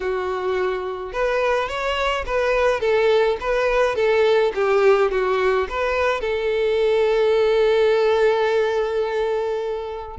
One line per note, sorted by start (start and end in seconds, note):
0.00 1.12 F#4
1.12 1.68 B4
1.68 2.24 C#5
2.26 2.80 B4
2.80 3.37 A4
3.40 3.95 B4
3.95 4.52 A4
4.54 5.11 G4
5.11 5.67 F#4
5.69 6.20 B4
6.20 10.17 A4